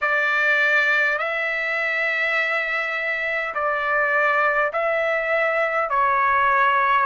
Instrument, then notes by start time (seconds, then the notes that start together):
trumpet
0.01 D5
1.18 E5
3.54 D5
4.73 E5
5.89 C#5